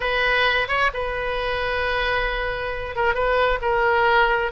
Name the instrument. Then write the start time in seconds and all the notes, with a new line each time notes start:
oboe
0.00 B4
0.68 C#5
0.93 B4
2.95 A#4
3.14 B4
3.61 A#4